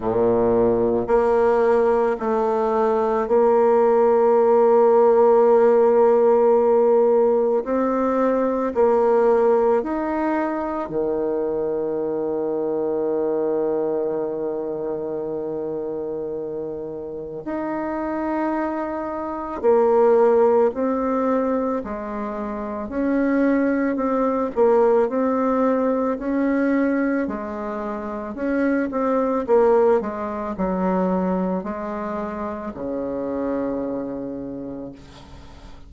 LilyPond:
\new Staff \with { instrumentName = "bassoon" } { \time 4/4 \tempo 4 = 55 ais,4 ais4 a4 ais4~ | ais2. c'4 | ais4 dis'4 dis2~ | dis1 |
dis'2 ais4 c'4 | gis4 cis'4 c'8 ais8 c'4 | cis'4 gis4 cis'8 c'8 ais8 gis8 | fis4 gis4 cis2 | }